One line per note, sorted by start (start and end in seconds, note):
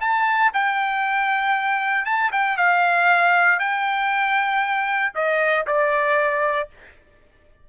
0.00 0.51 A5
0.53 2.05 G5
2.05 2.31 A5
2.31 2.57 G5
2.57 3.59 F5
3.59 5.13 G5
5.14 5.66 D#5
5.66 6.69 D5